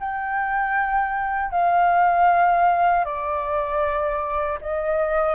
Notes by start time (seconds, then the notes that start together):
0.00 G5
1.51 F5
3.05 D5
4.61 D#5